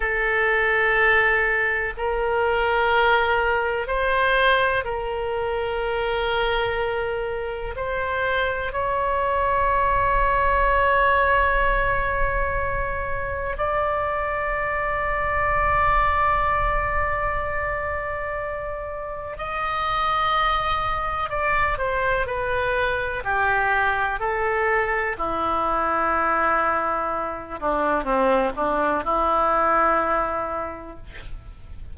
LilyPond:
\new Staff \with { instrumentName = "oboe" } { \time 4/4 \tempo 4 = 62 a'2 ais'2 | c''4 ais'2. | c''4 cis''2.~ | cis''2 d''2~ |
d''1 | dis''2 d''8 c''8 b'4 | g'4 a'4 e'2~ | e'8 d'8 c'8 d'8 e'2 | }